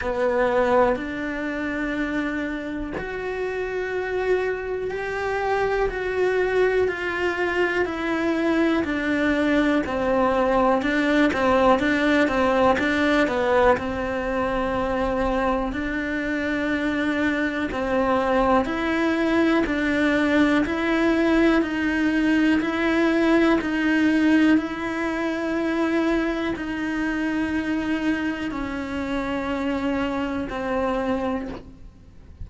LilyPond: \new Staff \with { instrumentName = "cello" } { \time 4/4 \tempo 4 = 61 b4 d'2 fis'4~ | fis'4 g'4 fis'4 f'4 | e'4 d'4 c'4 d'8 c'8 | d'8 c'8 d'8 b8 c'2 |
d'2 c'4 e'4 | d'4 e'4 dis'4 e'4 | dis'4 e'2 dis'4~ | dis'4 cis'2 c'4 | }